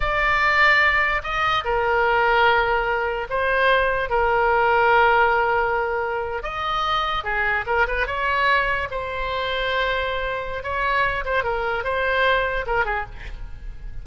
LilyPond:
\new Staff \with { instrumentName = "oboe" } { \time 4/4 \tempo 4 = 147 d''2. dis''4 | ais'1 | c''2 ais'2~ | ais'2.~ ais'8. dis''16~ |
dis''4.~ dis''16 gis'4 ais'8 b'8 cis''16~ | cis''4.~ cis''16 c''2~ c''16~ | c''2 cis''4. c''8 | ais'4 c''2 ais'8 gis'8 | }